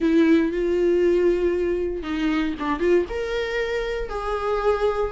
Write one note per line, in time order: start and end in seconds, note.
0.00 0.52 E4
0.52 2.03 F4
2.03 2.54 D#4
2.59 2.79 D4
2.79 3.05 F4
3.09 4.09 A#4
4.09 5.11 G#4